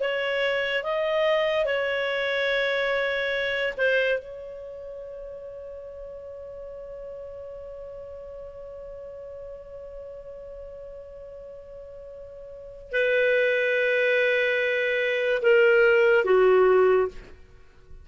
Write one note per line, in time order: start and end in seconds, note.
0.00 0.83 C#5
0.83 1.65 D#5
1.65 3.73 C#5
3.77 4.19 C5
4.19 12.92 C#5
12.92 15.42 B4
15.42 16.25 A#4
16.25 17.08 F#4